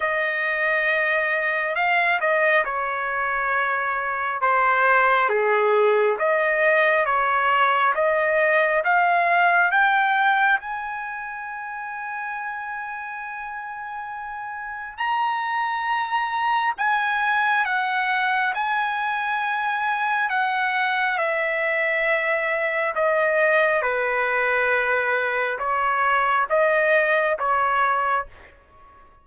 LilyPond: \new Staff \with { instrumentName = "trumpet" } { \time 4/4 \tempo 4 = 68 dis''2 f''8 dis''8 cis''4~ | cis''4 c''4 gis'4 dis''4 | cis''4 dis''4 f''4 g''4 | gis''1~ |
gis''4 ais''2 gis''4 | fis''4 gis''2 fis''4 | e''2 dis''4 b'4~ | b'4 cis''4 dis''4 cis''4 | }